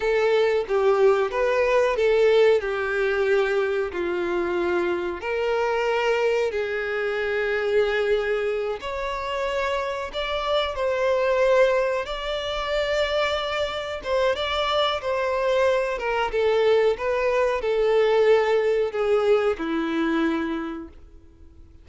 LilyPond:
\new Staff \with { instrumentName = "violin" } { \time 4/4 \tempo 4 = 92 a'4 g'4 b'4 a'4 | g'2 f'2 | ais'2 gis'2~ | gis'4. cis''2 d''8~ |
d''8 c''2 d''4.~ | d''4. c''8 d''4 c''4~ | c''8 ais'8 a'4 b'4 a'4~ | a'4 gis'4 e'2 | }